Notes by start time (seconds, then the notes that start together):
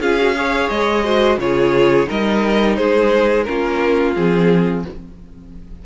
0.00 C#4 F4 G#4 F5
0.18 F#4
0.36 G#4 C#5
0.69 G#3 D#5
1.04 F#4 C5
1.38 C#3 F4 G#4 C#5
2.06 G3 D#4 A#4 D#5
2.76 G#3 G#4 C5
3.44 C#4 F4 A#4
3.50 A#3
4.15 F3 C4 G#4